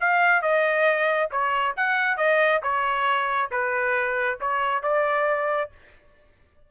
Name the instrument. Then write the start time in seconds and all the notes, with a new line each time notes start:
trumpet
0.00 F5
0.42 D#5
1.31 C#5
1.76 F#5
2.17 D#5
2.62 C#5
3.51 B4
4.40 C#5
4.82 D5